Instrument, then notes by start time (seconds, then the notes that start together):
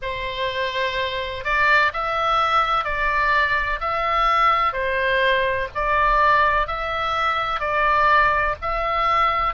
oboe
0.02 C5
1.44 D5
1.93 E5
2.84 D5
3.80 E5
4.72 C5
5.74 D5
6.67 E5
7.59 D5
8.61 E5